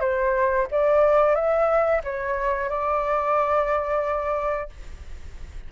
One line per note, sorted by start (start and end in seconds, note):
0.00 0.67 C5
0.71 1.35 D5
1.35 2.01 E5
2.04 2.69 C#5
2.69 4.69 D5